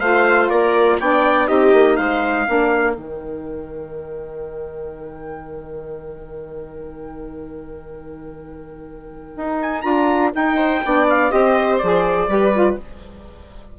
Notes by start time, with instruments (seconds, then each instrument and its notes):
0.00 bassoon A3, saxophone F4, viola C5, trumpet F5
0.49 bassoon A#3, viola A#4, trumpet D5
1.00 bassoon B3, saxophone D4, viola D5, trumpet G5
1.47 bassoon C4, saxophone D#4, viola G4, trumpet D#5
1.73 bassoon A#3
1.96 bassoon G#3, viola C5, trumpet F5
2.46 bassoon A#3, saxophone D4, viola A#4
2.94 bassoon D#3, saxophone D#4, trumpet G5
9.37 bassoon D#4
9.62 trumpet G#5
9.82 bassoon D4, saxophone F4, trumpet A#5
10.33 saxophone D#4, bassoon D#4, trumpet G5
10.57 viola C5
10.85 bassoon B3, saxophone D4, viola D5
11.09 trumpet F5
11.31 bassoon C4, saxophone G4, viola C5, trumpet D#5
11.78 bassoon F3, saxophone G#4, trumpet D5
12.28 bassoon G3, saxophone G4, viola B4
12.54 saxophone F4